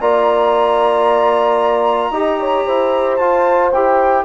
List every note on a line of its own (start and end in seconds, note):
0.00 2.11 A#3
0.00 2.13 F4
0.00 2.12 D5
0.00 3.16 A#5
2.11 2.64 D#4
2.11 3.20 G4
2.11 2.38 D#5
2.40 2.66 C#5
2.67 3.21 E4
2.67 4.25 C5
3.16 3.73 F4
3.16 3.69 A5
3.72 4.25 E4
3.72 4.25 G4
3.72 4.25 G5